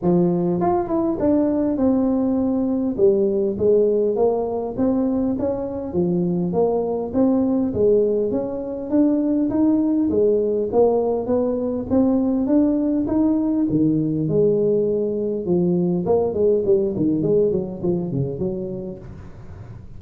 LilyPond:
\new Staff \with { instrumentName = "tuba" } { \time 4/4 \tempo 4 = 101 f4 f'8 e'8 d'4 c'4~ | c'4 g4 gis4 ais4 | c'4 cis'4 f4 ais4 | c'4 gis4 cis'4 d'4 |
dis'4 gis4 ais4 b4 | c'4 d'4 dis'4 dis4 | gis2 f4 ais8 gis8 | g8 dis8 gis8 fis8 f8 cis8 fis4 | }